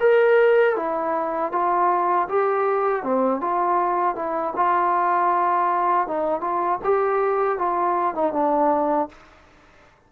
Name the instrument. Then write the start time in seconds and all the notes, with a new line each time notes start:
trombone
0.00 A#4
0.76 E4
1.52 F4
2.29 G4
3.03 C4
3.41 F4
4.16 E4
4.56 F4
6.08 D#4
6.41 F4
6.84 G4
7.59 F4
8.15 D#4
8.33 D4